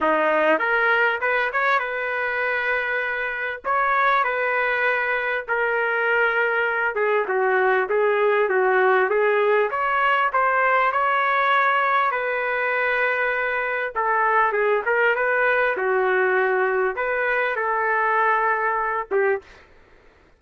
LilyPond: \new Staff \with { instrumentName = "trumpet" } { \time 4/4 \tempo 4 = 99 dis'4 ais'4 b'8 cis''8 b'4~ | b'2 cis''4 b'4~ | b'4 ais'2~ ais'8 gis'8 | fis'4 gis'4 fis'4 gis'4 |
cis''4 c''4 cis''2 | b'2. a'4 | gis'8 ais'8 b'4 fis'2 | b'4 a'2~ a'8 g'8 | }